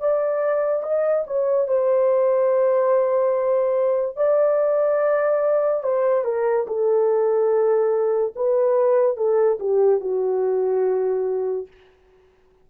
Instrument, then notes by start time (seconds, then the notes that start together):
horn
0.00 D5
0.83 D#5
1.27 C#5
1.67 C5
4.17 D5
5.83 C5
6.25 A#4
6.67 A4
8.36 B4
9.17 A4
9.60 G4
10.00 F#4